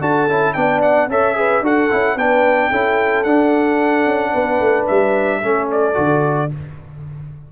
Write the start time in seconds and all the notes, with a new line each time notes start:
0.00 D4 F#4 A4 A5
0.27 C#4 E4
0.53 B3 D4 D5 G5
0.82 F#5
1.07 C#4 A4 C#5 E5
1.35 G#4 B4
1.61 D4 F#4 A4 F#5
1.90 C#4 E4
2.16 B3 D4 B4 G5
2.70 C#4 E4 A4
3.23 D4 F#5
4.06 C#4
4.31 B3 B4
4.60 A3
4.87 G3 E5
5.41 A3 C#4 A4
5.71 D5
5.94 D3 F#4